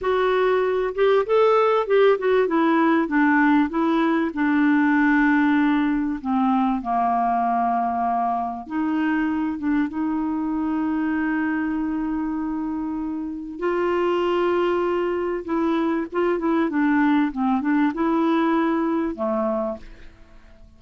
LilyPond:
\new Staff \with { instrumentName = "clarinet" } { \time 4/4 \tempo 4 = 97 fis'4. g'8 a'4 g'8 fis'8 | e'4 d'4 e'4 d'4~ | d'2 c'4 ais4~ | ais2 dis'4. d'8 |
dis'1~ | dis'2 f'2~ | f'4 e'4 f'8 e'8 d'4 | c'8 d'8 e'2 a4 | }